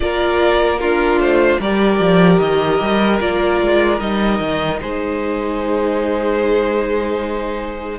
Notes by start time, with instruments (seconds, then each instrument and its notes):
0.00 cello A#3, viola F4, violin A#4 D5
0.78 viola D4, violin F4 A#4
1.17 cello A3, violin C5
1.60 cello G3, viola G4, violin A#4 D5
1.99 cello F3
2.39 cello D#3, violin D#5
2.80 cello G3
3.20 cello A#3, viola F4, violin D5
3.61 cello G#3
3.99 cello G3, viola D#4, violin D#5
4.39 cello D#3
4.81 cello G#3, violin G#4 C5